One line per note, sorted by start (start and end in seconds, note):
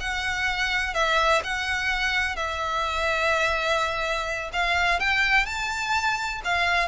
0.00 0.94 F#5
0.94 1.42 E5
1.44 2.36 F#5
2.36 4.50 E5
4.53 5.00 F5
5.00 5.46 G5
5.46 6.41 A5
6.44 6.88 F5